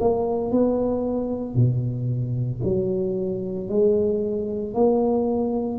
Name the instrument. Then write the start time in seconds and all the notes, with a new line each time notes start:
tuba
0.00 A#3
0.51 B3
1.56 B2
2.64 F#3
3.69 G#3
4.74 A#3